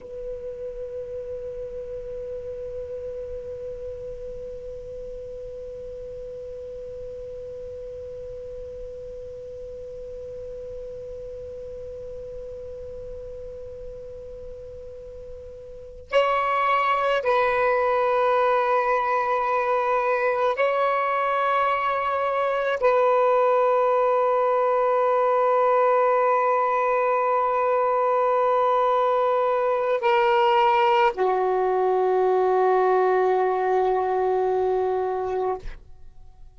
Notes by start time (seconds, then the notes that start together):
0.00 B4
16.11 C#5
17.22 B4
20.56 C#5
22.80 B4
30.01 A#4
31.13 F#4